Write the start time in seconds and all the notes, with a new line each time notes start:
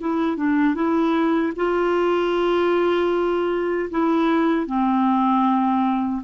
0.00 E4
0.36 D4
0.75 E4
1.55 F4
3.90 E4
4.66 C4